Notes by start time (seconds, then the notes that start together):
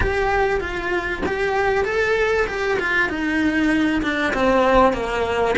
0.00 G4
0.60 F4
1.26 G4
1.84 A4
2.47 G4
2.79 F4
3.09 D#4
4.02 D4
4.33 C4
4.93 A#3